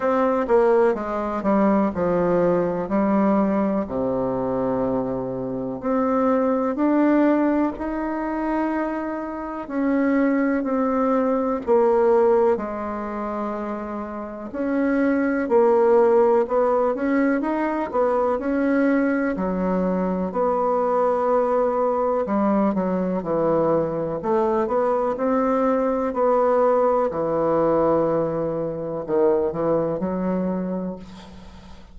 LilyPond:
\new Staff \with { instrumentName = "bassoon" } { \time 4/4 \tempo 4 = 62 c'8 ais8 gis8 g8 f4 g4 | c2 c'4 d'4 | dis'2 cis'4 c'4 | ais4 gis2 cis'4 |
ais4 b8 cis'8 dis'8 b8 cis'4 | fis4 b2 g8 fis8 | e4 a8 b8 c'4 b4 | e2 dis8 e8 fis4 | }